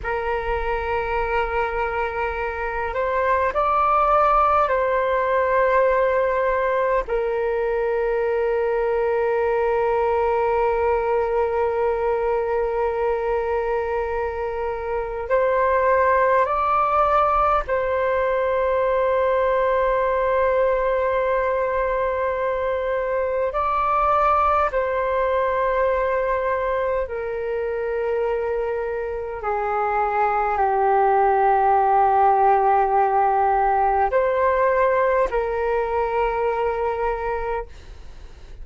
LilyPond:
\new Staff \with { instrumentName = "flute" } { \time 4/4 \tempo 4 = 51 ais'2~ ais'8 c''8 d''4 | c''2 ais'2~ | ais'1~ | ais'4 c''4 d''4 c''4~ |
c''1 | d''4 c''2 ais'4~ | ais'4 gis'4 g'2~ | g'4 c''4 ais'2 | }